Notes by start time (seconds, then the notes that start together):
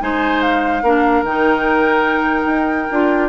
0.00 G#3 D#4 C5 G#5
0.41 F5
0.82 A#3 D4 A#4
1.22 D#3 D#4 G5
2.45 D#4
2.91 D4 F4